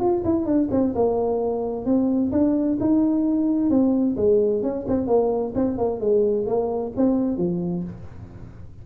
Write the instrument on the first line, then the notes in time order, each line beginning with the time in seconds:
tuba
0.00 F4
0.25 E4
0.46 D4
0.71 C4
0.95 A#3
1.85 C4
2.32 D4
2.80 D#4
3.70 C4
4.17 G#3
4.63 C#4
4.88 C4
5.07 A#3
5.55 C4
5.78 A#3
6.00 G#3
6.46 A#3
6.97 C4
7.37 F3